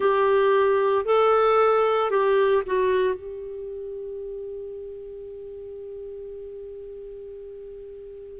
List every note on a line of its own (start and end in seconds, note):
0.00 1.05 G4
1.05 2.10 A4
2.10 2.63 G4
2.66 3.14 F#4
3.14 8.40 G4